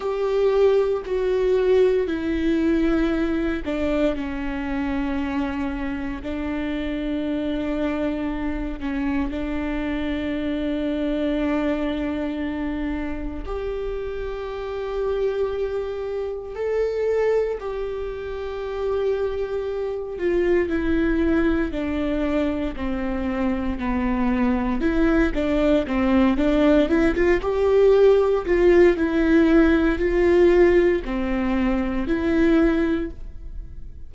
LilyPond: \new Staff \with { instrumentName = "viola" } { \time 4/4 \tempo 4 = 58 g'4 fis'4 e'4. d'8 | cis'2 d'2~ | d'8 cis'8 d'2.~ | d'4 g'2. |
a'4 g'2~ g'8 f'8 | e'4 d'4 c'4 b4 | e'8 d'8 c'8 d'8 e'16 f'16 g'4 f'8 | e'4 f'4 c'4 e'4 | }